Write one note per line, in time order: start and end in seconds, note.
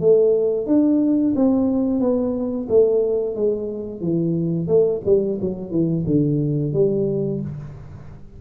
0.00 0.66 A3
0.66 1.34 D4
1.35 2.00 C4
2.00 2.67 B3
2.69 3.35 A3
3.35 4.01 G#3
4.01 4.68 E3
4.68 5.01 A3
5.05 5.39 G3
5.41 5.71 F#3
5.71 6.05 E3
6.06 6.73 D3
6.73 7.41 G3